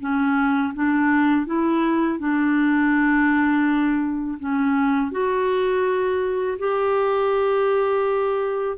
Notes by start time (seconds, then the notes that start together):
0.00 C#4
0.74 D4
1.46 E4
2.19 D4
4.39 C#4
5.11 F#4
6.58 G4